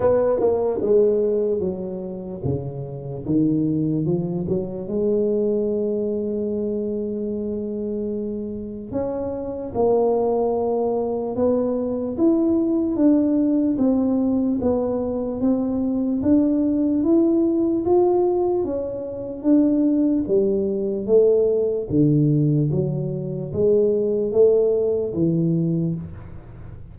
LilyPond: \new Staff \with { instrumentName = "tuba" } { \time 4/4 \tempo 4 = 74 b8 ais8 gis4 fis4 cis4 | dis4 f8 fis8 gis2~ | gis2. cis'4 | ais2 b4 e'4 |
d'4 c'4 b4 c'4 | d'4 e'4 f'4 cis'4 | d'4 g4 a4 d4 | fis4 gis4 a4 e4 | }